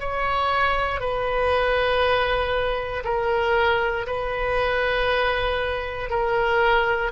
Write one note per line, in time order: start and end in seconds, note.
0.00 1.00 C#5
1.00 3.04 B4
3.05 4.06 A#4
4.07 6.10 B4
6.10 7.11 A#4